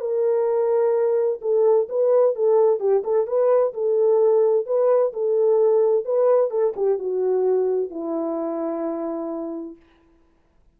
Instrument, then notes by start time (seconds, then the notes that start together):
horn
0.00 A#4
1.41 A4
1.89 B4
2.35 A4
2.80 G4
3.04 A4
3.27 B4
3.74 A4
4.66 B4
5.13 A4
6.05 B4
6.51 A4
6.76 G4
6.98 F#4
7.90 E4